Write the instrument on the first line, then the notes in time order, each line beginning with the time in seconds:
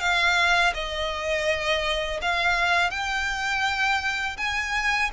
violin
0.00 F5
0.74 D#5
2.22 F5
2.91 G5
4.37 G#5